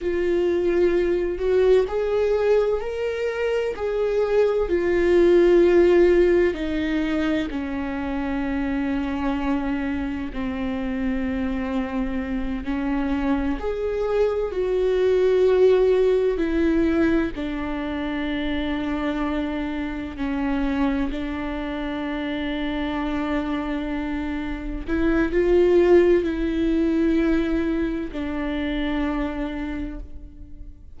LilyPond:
\new Staff \with { instrumentName = "viola" } { \time 4/4 \tempo 4 = 64 f'4. fis'8 gis'4 ais'4 | gis'4 f'2 dis'4 | cis'2. c'4~ | c'4. cis'4 gis'4 fis'8~ |
fis'4. e'4 d'4.~ | d'4. cis'4 d'4.~ | d'2~ d'8 e'8 f'4 | e'2 d'2 | }